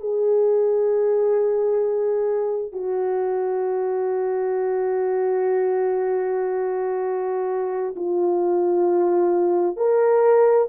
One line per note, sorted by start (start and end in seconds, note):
0.00 2.72 G#4
2.72 7.95 F#4
7.95 9.76 F4
9.76 10.67 A#4